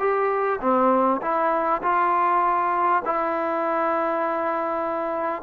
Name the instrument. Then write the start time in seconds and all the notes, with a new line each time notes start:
trombone
0.00 G4
0.61 C4
1.22 E4
1.83 F4
3.05 E4